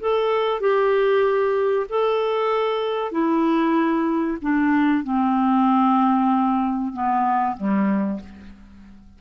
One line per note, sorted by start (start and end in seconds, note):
0.00 0.60 A4
0.60 1.86 G4
1.89 3.11 A4
3.11 4.38 E4
4.41 5.04 D4
5.04 6.93 C4
6.93 7.56 B3
7.56 8.20 G3